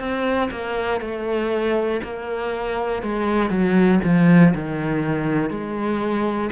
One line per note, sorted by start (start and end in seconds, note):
0.00 0.50 C4
0.51 1.01 A#3
1.01 2.01 A3
2.04 3.03 A#3
3.03 3.50 G#3
3.50 4.00 F#3
4.04 4.54 F3
4.55 5.51 D#3
5.51 6.51 G#3